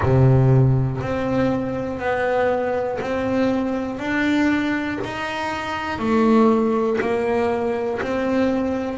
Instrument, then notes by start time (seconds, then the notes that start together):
double bass
0.02 C3
1.01 C4
1.99 B3
3.00 C4
3.99 D4
5.04 D#4
5.98 A3
7.00 A#3
8.01 C4